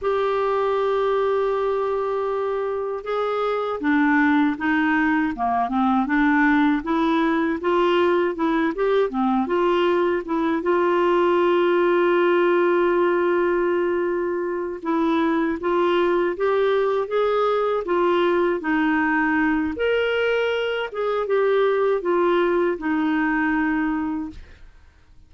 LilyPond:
\new Staff \with { instrumentName = "clarinet" } { \time 4/4 \tempo 4 = 79 g'1 | gis'4 d'4 dis'4 ais8 c'8 | d'4 e'4 f'4 e'8 g'8 | c'8 f'4 e'8 f'2~ |
f'2.~ f'8 e'8~ | e'8 f'4 g'4 gis'4 f'8~ | f'8 dis'4. ais'4. gis'8 | g'4 f'4 dis'2 | }